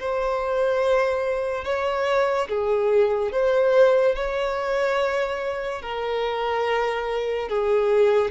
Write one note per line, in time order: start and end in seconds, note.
0.00 1.65 C5
1.65 2.48 C#5
2.49 3.32 G#4
3.32 4.16 C5
4.16 5.82 C#5
5.83 7.49 A#4
7.49 8.31 G#4